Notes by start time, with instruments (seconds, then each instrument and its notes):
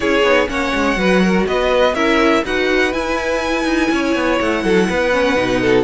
0.00 cello C#4, viola E4, violin G#4 C#5
0.23 cello B3, viola D#4
0.47 cello A#3, viola C#4, violin C#5 F#5
0.74 cello G#3
0.96 cello F#3, viola F#4, violin B4
1.22 violin A#4
1.47 cello B3, violin B4 D#5
1.94 cello C#4, viola E4, violin A#4 E5
2.44 cello D#4, viola F#4, violin B4 F#5
2.92 viola E4, cello E4, violin G#5
3.65 cello D#4
3.91 cello C#4, violin C#5
4.15 cello B3
4.40 cello A3, violin F#5
4.63 cello F#3, violin A4
4.88 cello B3, violin B4
5.11 viola C#4
5.36 cello B2, viola D#4
5.61 violin A4